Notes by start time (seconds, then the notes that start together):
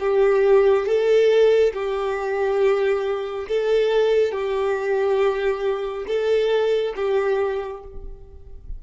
0.00 G4
0.87 A4
1.74 G4
3.49 A4
4.32 G4
6.07 A4
6.96 G4